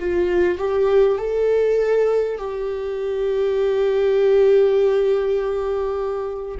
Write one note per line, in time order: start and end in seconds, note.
0.00 0.58 F4
0.58 1.18 G4
1.18 2.38 A4
2.38 6.58 G4